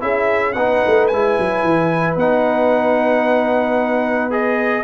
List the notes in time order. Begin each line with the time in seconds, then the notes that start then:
0.00 C#4 E4 G#4 E5
0.53 B3 D#4 B4 F#5
0.86 A3
1.07 G#3 E4 G#5
1.39 F#3
1.63 E3
2.16 B3 D#4 F#5
4.31 G#4 D#5